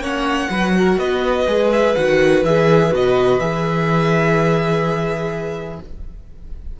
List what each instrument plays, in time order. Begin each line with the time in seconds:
0.00 cello A#3, viola C#4, violin C#5 F#5
0.50 cello F#3, viola F#4, violin B4
0.79 violin A#4
0.98 cello B3, violin B4 D#5
1.47 cello G#3, viola G#4
1.72 violin E5
1.95 cello D#3, viola F#4, violin F#5
2.43 cello E3, viola G#4, violin E5
2.92 cello B2, viola F#4, violin D#5
3.39 cello E3, viola G#4, violin E5